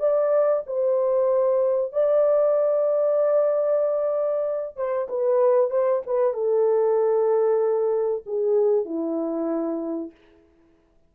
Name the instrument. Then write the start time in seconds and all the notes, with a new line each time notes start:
horn
0.00 D5
0.67 C5
1.93 D5
4.77 C5
5.09 B4
5.71 C5
6.07 B4
6.34 A4
8.26 G#4
8.85 E4